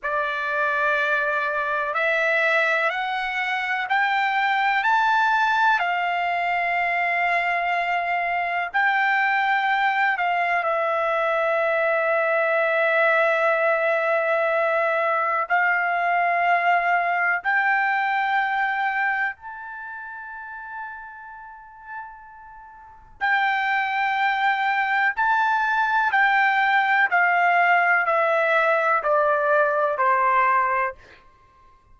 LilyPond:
\new Staff \with { instrumentName = "trumpet" } { \time 4/4 \tempo 4 = 62 d''2 e''4 fis''4 | g''4 a''4 f''2~ | f''4 g''4. f''8 e''4~ | e''1 |
f''2 g''2 | a''1 | g''2 a''4 g''4 | f''4 e''4 d''4 c''4 | }